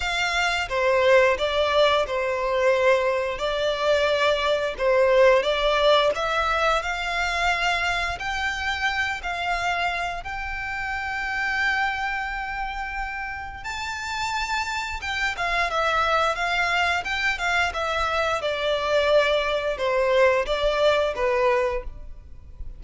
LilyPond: \new Staff \with { instrumentName = "violin" } { \time 4/4 \tempo 4 = 88 f''4 c''4 d''4 c''4~ | c''4 d''2 c''4 | d''4 e''4 f''2 | g''4. f''4. g''4~ |
g''1 | a''2 g''8 f''8 e''4 | f''4 g''8 f''8 e''4 d''4~ | d''4 c''4 d''4 b'4 | }